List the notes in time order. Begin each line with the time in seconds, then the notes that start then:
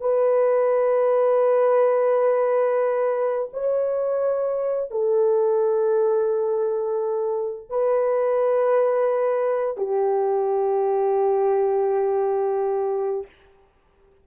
0.00 B4
3.53 C#5
4.90 A4
7.69 B4
9.77 G4